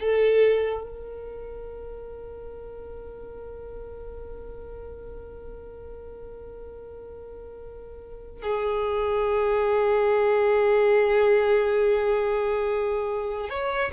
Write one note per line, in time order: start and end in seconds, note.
0.00 0.83 A4
0.83 8.42 A#4
8.42 13.49 G#4
13.49 13.92 C#5